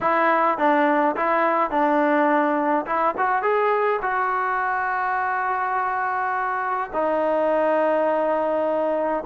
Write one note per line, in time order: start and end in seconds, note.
0.00 0.58 E4
0.58 1.15 D4
1.16 1.70 E4
1.70 2.85 D4
2.86 3.14 E4
3.17 3.42 F#4
3.42 4.00 G#4
4.01 6.90 F#4
6.93 9.23 D#4